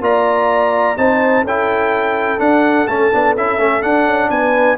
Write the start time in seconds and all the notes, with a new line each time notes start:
0.00 A#3 F4 D5 A#5
0.97 C4 D#4 C5 A5
1.43 C#4 E4 A4 G5
2.39 D4 F#5
2.87 A3 C#4 A5
3.13 B3 D4
3.37 C#4 E4 E5
3.58 A3 C#4
3.82 D4 F#5
4.06 C#4
4.30 B3 B4 G#5